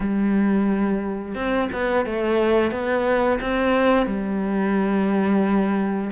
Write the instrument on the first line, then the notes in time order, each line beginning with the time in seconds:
cello
0.00 G3
1.35 C4
1.72 B3
2.05 A3
2.71 B3
3.40 C4
4.06 G3